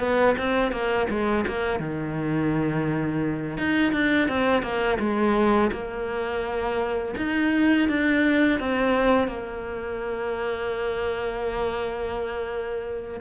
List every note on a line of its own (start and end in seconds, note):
0.00 0.36 B3
0.38 0.72 C4
0.72 1.07 A#3
1.10 1.45 G#3
1.47 1.80 A#3
1.80 3.58 D#3
3.58 3.93 D#4
3.93 4.29 D4
4.29 4.63 C4
4.63 4.98 A#3
5.00 5.71 G#3
5.72 7.15 A#3
7.18 7.89 D#4
7.89 8.60 D4
8.60 9.28 C4
9.28 13.21 A#3